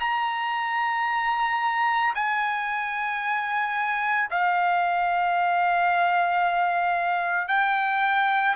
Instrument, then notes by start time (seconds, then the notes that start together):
trumpet
0.00 A#5
2.15 G#5
4.31 F5
7.48 G5